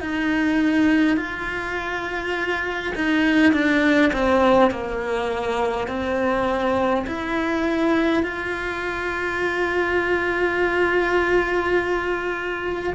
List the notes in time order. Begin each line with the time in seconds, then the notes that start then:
0.00 D#4
1.17 F4
2.95 D#4
3.52 D4
4.12 C4
4.71 A#3
5.88 C4
7.06 E4
8.23 F4